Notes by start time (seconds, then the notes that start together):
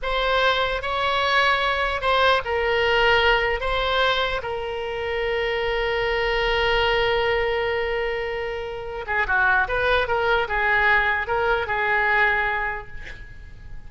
0.02 C5
0.81 C#5
2.01 C5
2.44 A#4
3.60 C5
4.42 A#4
9.06 G#4
9.27 F#4
9.68 B4
10.07 A#4
10.48 G#4
11.27 A#4
11.66 G#4